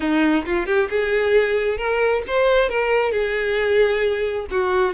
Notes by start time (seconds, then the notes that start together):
0.00 D#4
0.45 F4
0.66 G4
0.90 G#4
1.77 A#4
2.27 C5
2.69 A#4
3.11 G#4
4.51 F#4